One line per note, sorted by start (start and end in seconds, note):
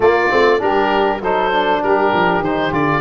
0.00 0.27 A#3
0.00 0.29 A#3
0.00 0.59 F4
0.00 0.61 D5
0.29 0.61 A3
0.29 0.58 C4
0.58 1.20 G3
0.58 1.19 D4
0.58 1.20 G4
0.58 1.21 A#4
1.20 1.81 F#3
1.20 1.52 D#4
1.20 1.80 A4
1.20 1.83 C5
1.52 2.43 D4
1.82 2.13 G3
1.82 3.00 G4
1.82 2.43 A#4
2.13 2.40 F3
2.40 2.70 D#3
2.40 2.73 C5
2.46 2.71 D#4
2.71 3.00 D3
2.71 3.00 F4
2.71 3.00 D5